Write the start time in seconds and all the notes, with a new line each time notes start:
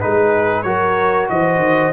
0.00 G#3 D#4 G#4 B4
0.62 F#3 F#4 A#4 C#5
1.29 E3 C5 D#5
1.57 D#3